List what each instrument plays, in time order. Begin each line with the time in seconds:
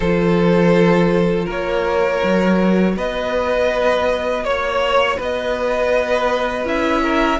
0.00 cello F3, viola F4, violin A4 C5
1.45 cello A#3, violin A#4 C#5
2.23 cello F#3, viola F#4
2.96 cello B3, violin B4 D#5
4.44 cello A#3, violin C#5
5.16 cello B3, violin B4 D#5
6.65 cello C#4, viola E4, violin E5
7.02 violin A#4